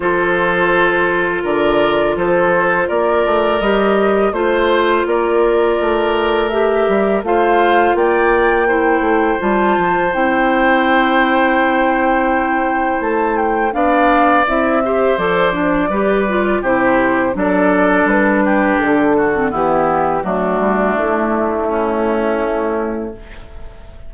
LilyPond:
<<
  \new Staff \with { instrumentName = "flute" } { \time 4/4 \tempo 4 = 83 c''2 d''4 c''4 | d''4 dis''4 c''4 d''4~ | d''4 e''4 f''4 g''4~ | g''4 a''4 g''2~ |
g''2 a''8 g''8 f''4 | e''4 d''2 c''4 | d''4 b'4 a'4 g'4 | fis'4 e'2. | }
  \new Staff \with { instrumentName = "oboe" } { \time 4/4 a'2 ais'4 a'4 | ais'2 c''4 ais'4~ | ais'2 c''4 d''4 | c''1~ |
c''2. d''4~ | d''8 c''4. b'4 g'4 | a'4. g'4 fis'8 e'4 | d'2 cis'2 | }
  \new Staff \with { instrumentName = "clarinet" } { \time 4/4 f'1~ | f'4 g'4 f'2~ | f'4 g'4 f'2 | e'4 f'4 e'2~ |
e'2. d'4 | e'8 g'8 a'8 d'8 g'8 f'8 e'4 | d'2~ d'8. c'16 b4 | a1 | }
  \new Staff \with { instrumentName = "bassoon" } { \time 4/4 f2 d4 f4 | ais8 a8 g4 a4 ais4 | a4. g8 a4 ais4~ | ais8 a8 g8 f8 c'2~ |
c'2 a4 b4 | c'4 f4 g4 c4 | fis4 g4 d4 e4 | fis8 g8 a2. | }
>>